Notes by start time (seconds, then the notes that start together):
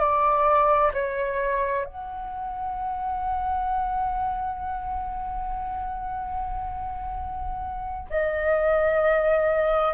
0.00 D5
0.94 C#5
1.85 F#5
8.10 D#5